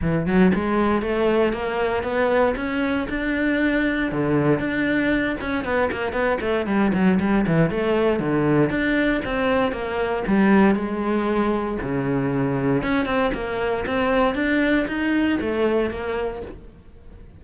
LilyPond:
\new Staff \with { instrumentName = "cello" } { \time 4/4 \tempo 4 = 117 e8 fis8 gis4 a4 ais4 | b4 cis'4 d'2 | d4 d'4. cis'8 b8 ais8 | b8 a8 g8 fis8 g8 e8 a4 |
d4 d'4 c'4 ais4 | g4 gis2 cis4~ | cis4 cis'8 c'8 ais4 c'4 | d'4 dis'4 a4 ais4 | }